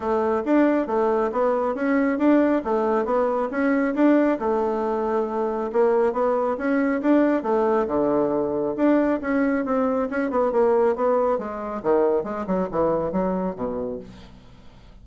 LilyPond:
\new Staff \with { instrumentName = "bassoon" } { \time 4/4 \tempo 4 = 137 a4 d'4 a4 b4 | cis'4 d'4 a4 b4 | cis'4 d'4 a2~ | a4 ais4 b4 cis'4 |
d'4 a4 d2 | d'4 cis'4 c'4 cis'8 b8 | ais4 b4 gis4 dis4 | gis8 fis8 e4 fis4 b,4 | }